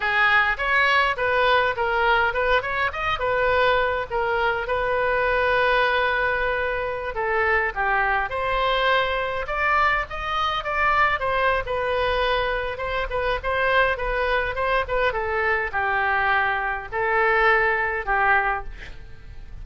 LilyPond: \new Staff \with { instrumentName = "oboe" } { \time 4/4 \tempo 4 = 103 gis'4 cis''4 b'4 ais'4 | b'8 cis''8 dis''8 b'4. ais'4 | b'1~ | b'16 a'4 g'4 c''4.~ c''16~ |
c''16 d''4 dis''4 d''4 c''8. | b'2 c''8 b'8 c''4 | b'4 c''8 b'8 a'4 g'4~ | g'4 a'2 g'4 | }